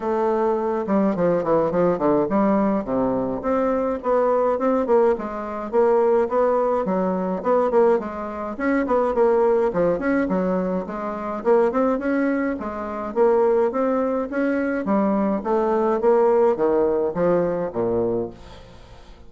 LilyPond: \new Staff \with { instrumentName = "bassoon" } { \time 4/4 \tempo 4 = 105 a4. g8 f8 e8 f8 d8 | g4 c4 c'4 b4 | c'8 ais8 gis4 ais4 b4 | fis4 b8 ais8 gis4 cis'8 b8 |
ais4 f8 cis'8 fis4 gis4 | ais8 c'8 cis'4 gis4 ais4 | c'4 cis'4 g4 a4 | ais4 dis4 f4 ais,4 | }